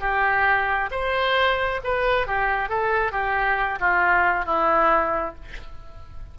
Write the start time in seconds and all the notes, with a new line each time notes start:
0.00 G4
0.91 C5
1.84 B4
2.27 G4
2.69 A4
3.11 G4
3.80 F4
4.45 E4